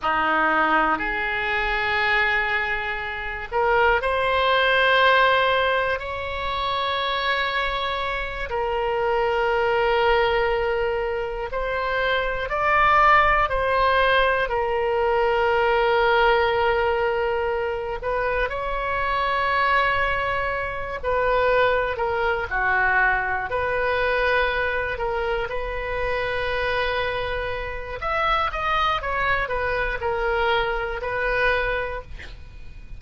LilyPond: \new Staff \with { instrumentName = "oboe" } { \time 4/4 \tempo 4 = 60 dis'4 gis'2~ gis'8 ais'8 | c''2 cis''2~ | cis''8 ais'2. c''8~ | c''8 d''4 c''4 ais'4.~ |
ais'2 b'8 cis''4.~ | cis''4 b'4 ais'8 fis'4 b'8~ | b'4 ais'8 b'2~ b'8 | e''8 dis''8 cis''8 b'8 ais'4 b'4 | }